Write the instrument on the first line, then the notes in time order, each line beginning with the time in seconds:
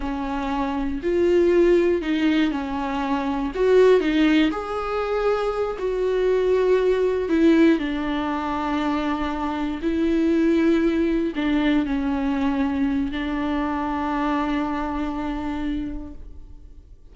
viola
0.00 C#4
1.02 F4
2.01 D#4
2.51 C#4
3.54 F#4
4.00 D#4
4.51 G#4
5.78 F#4
7.28 E4
7.78 D4
9.82 E4
11.35 D4
11.85 C#4
13.11 D4